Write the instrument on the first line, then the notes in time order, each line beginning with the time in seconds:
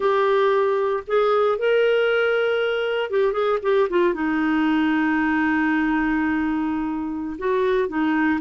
clarinet
0.00 G4
1.07 G#4
1.58 A#4
3.10 G4
3.32 G#4
3.62 G4
3.89 F4
4.14 D#4
7.38 F#4
7.88 D#4